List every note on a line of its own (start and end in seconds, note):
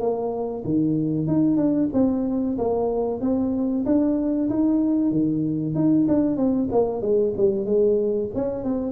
0.00 0.64 A#3
0.64 1.27 D#3
1.27 1.57 D#4
1.57 1.89 D4
1.93 2.57 C4
2.58 3.21 A#3
3.21 3.85 C4
3.86 4.49 D4
4.49 5.12 D#4
5.12 5.75 D#3
5.75 6.07 D#4
6.08 6.37 D4
6.37 6.69 C4
6.71 7.02 A#3
7.02 7.33 G#3
7.37 7.66 G3
7.66 8.29 G#3
8.35 8.64 C#4
8.64 8.92 C4